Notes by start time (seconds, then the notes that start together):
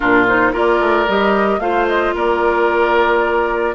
0.00 A#2 D4 F4 A#4
0.27 D#4 C5
0.52 A#3 F4 A#4 D5
0.79 A3
1.07 G3 G4 D#5
1.59 A3 F4 C5 F5
1.87 D#5
2.14 A#3 A#4 D5